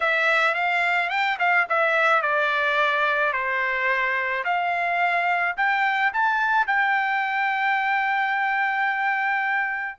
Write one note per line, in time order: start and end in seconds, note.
0.00 0.54 E5
0.54 1.09 F5
1.09 1.37 G5
1.39 1.67 F5
1.69 2.21 E5
2.21 3.32 D5
3.32 4.43 C5
4.44 5.55 F5
5.56 6.12 G5
6.13 6.66 A5
6.66 9.98 G5